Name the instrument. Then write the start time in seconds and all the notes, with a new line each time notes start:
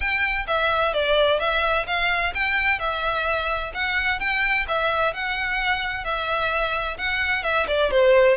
violin
0.00 G5
0.47 E5
0.93 D5
1.39 E5
1.86 F5
2.34 G5
2.79 E5
3.74 F#5
4.19 G5
4.67 E5
5.13 F#5
6.04 E5
6.97 F#5
7.43 E5
7.67 D5
7.90 C5